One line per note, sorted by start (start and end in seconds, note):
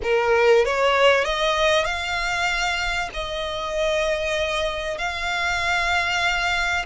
0.02 0.65 A#4
0.65 1.24 C#5
1.24 1.84 D#5
1.84 3.09 F5
3.13 4.98 D#5
4.98 6.85 F5